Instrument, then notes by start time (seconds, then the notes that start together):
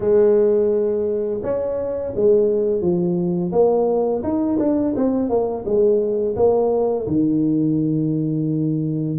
tuba
0.00 G#3
1.42 C#4
2.15 G#3
2.81 F3
3.51 A#3
4.23 D#4
4.59 D4
4.95 C4
5.29 A#3
5.65 G#3
6.36 A#3
7.06 D#3